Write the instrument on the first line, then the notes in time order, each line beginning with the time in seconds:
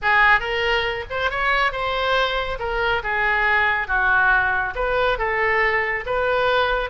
oboe
0.02 G#4
0.40 A#4
1.09 C5
1.30 C#5
1.71 C5
2.59 A#4
3.03 G#4
3.87 F#4
4.75 B4
5.18 A4
6.06 B4